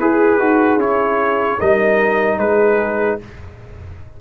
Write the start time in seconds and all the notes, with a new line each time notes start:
0.00 E4 G#4 B4
0.38 D#4 F#4
0.77 C#4 E4 C#5
1.59 G3 D#4 A#4 D#5
2.38 G#3 G#4 B4